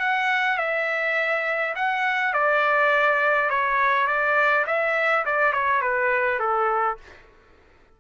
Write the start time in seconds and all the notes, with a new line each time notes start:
0.00 F#5
0.58 E5
1.75 F#5
2.34 D5
3.50 C#5
4.07 D5
4.67 E5
5.25 D5
5.53 C#5
5.81 B4
6.39 A4